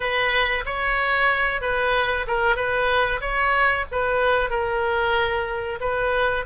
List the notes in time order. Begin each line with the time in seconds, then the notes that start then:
0.00 B4
0.65 C#5
1.61 B4
2.27 A#4
2.55 B4
3.20 C#5
3.91 B4
4.50 A#4
5.80 B4